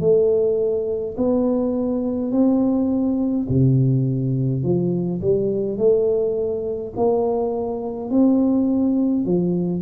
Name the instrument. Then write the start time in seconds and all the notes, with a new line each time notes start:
tuba
0.00 A3
1.17 B3
2.31 C4
3.48 C3
4.63 F3
5.21 G3
5.77 A3
6.96 A#3
8.10 C4
9.25 F3